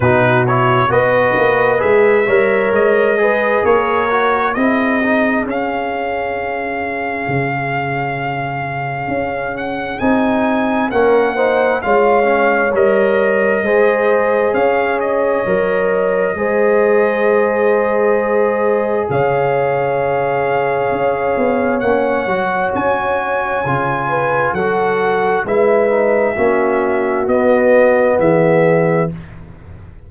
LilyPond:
<<
  \new Staff \with { instrumentName = "trumpet" } { \time 4/4 \tempo 4 = 66 b'8 cis''8 dis''4 e''4 dis''4 | cis''4 dis''4 f''2~ | f''2~ f''8 fis''8 gis''4 | fis''4 f''4 dis''2 |
f''8 dis''2.~ dis''8~ | dis''4 f''2. | fis''4 gis''2 fis''4 | e''2 dis''4 e''4 | }
  \new Staff \with { instrumentName = "horn" } { \time 4/4 fis'4 b'4. cis''4 b'8 | ais'4 gis'2.~ | gis'1 | ais'8 c''8 cis''2 c''4 |
cis''2 c''2~ | c''4 cis''2.~ | cis''2~ cis''8 b'8 a'4 | b'4 fis'2 gis'4 | }
  \new Staff \with { instrumentName = "trombone" } { \time 4/4 dis'8 e'8 fis'4 gis'8 ais'4 gis'8~ | gis'8 fis'8 e'8 dis'8 cis'2~ | cis'2. dis'4 | cis'8 dis'8 f'8 cis'8 ais'4 gis'4~ |
gis'4 ais'4 gis'2~ | gis'1 | cis'8 fis'4. f'4 fis'4 | e'8 dis'8 cis'4 b2 | }
  \new Staff \with { instrumentName = "tuba" } { \time 4/4 b,4 b8 ais8 gis8 g8 gis4 | ais4 c'4 cis'2 | cis2 cis'4 c'4 | ais4 gis4 g4 gis4 |
cis'4 fis4 gis2~ | gis4 cis2 cis'8 b8 | ais8 fis8 cis'4 cis4 fis4 | gis4 ais4 b4 e4 | }
>>